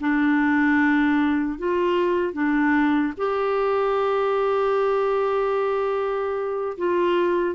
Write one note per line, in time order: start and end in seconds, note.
0.00 1.58 D4
1.58 2.33 F4
2.33 3.13 D4
3.17 6.77 G4
6.77 7.55 F4